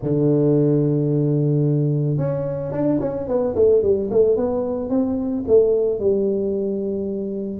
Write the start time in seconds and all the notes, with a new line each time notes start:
0.02 D3
2.17 C#4
2.71 D4
3.00 C#4
3.27 B3
3.55 A3
3.82 G3
4.10 A3
4.36 B3
4.89 C4
5.47 A3
5.99 G3